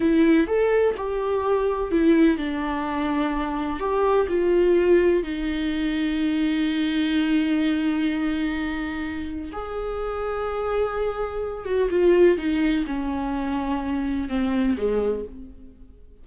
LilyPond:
\new Staff \with { instrumentName = "viola" } { \time 4/4 \tempo 4 = 126 e'4 a'4 g'2 | e'4 d'2. | g'4 f'2 dis'4~ | dis'1~ |
dis'1 | gis'1~ | gis'8 fis'8 f'4 dis'4 cis'4~ | cis'2 c'4 gis4 | }